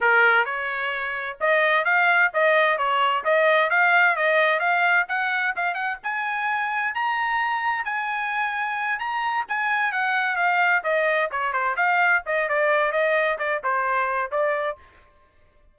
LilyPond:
\new Staff \with { instrumentName = "trumpet" } { \time 4/4 \tempo 4 = 130 ais'4 cis''2 dis''4 | f''4 dis''4 cis''4 dis''4 | f''4 dis''4 f''4 fis''4 | f''8 fis''8 gis''2 ais''4~ |
ais''4 gis''2~ gis''8 ais''8~ | ais''8 gis''4 fis''4 f''4 dis''8~ | dis''8 cis''8 c''8 f''4 dis''8 d''4 | dis''4 d''8 c''4. d''4 | }